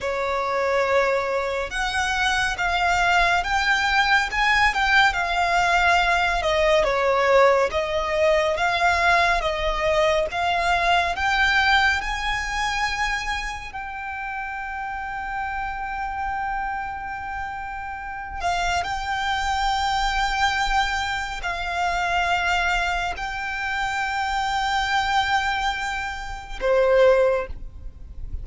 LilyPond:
\new Staff \with { instrumentName = "violin" } { \time 4/4 \tempo 4 = 70 cis''2 fis''4 f''4 | g''4 gis''8 g''8 f''4. dis''8 | cis''4 dis''4 f''4 dis''4 | f''4 g''4 gis''2 |
g''1~ | g''4. f''8 g''2~ | g''4 f''2 g''4~ | g''2. c''4 | }